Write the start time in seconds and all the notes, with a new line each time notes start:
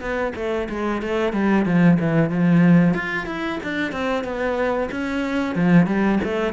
0.00 B3
0.36 A3
0.69 G#3
1.02 A3
1.33 G3
1.65 F3
1.99 E3
2.30 F3
2.94 F4
3.26 E4
3.63 D4
3.92 C4
4.24 B3
4.91 C#4
5.55 F3
5.86 G3
6.24 A3